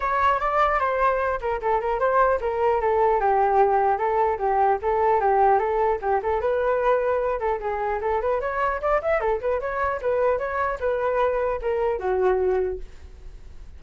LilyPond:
\new Staff \with { instrumentName = "flute" } { \time 4/4 \tempo 4 = 150 cis''4 d''4 c''4. ais'8 | a'8 ais'8 c''4 ais'4 a'4 | g'2 a'4 g'4 | a'4 g'4 a'4 g'8 a'8 |
b'2~ b'8 a'8 gis'4 | a'8 b'8 cis''4 d''8 e''8 a'8 b'8 | cis''4 b'4 cis''4 b'4~ | b'4 ais'4 fis'2 | }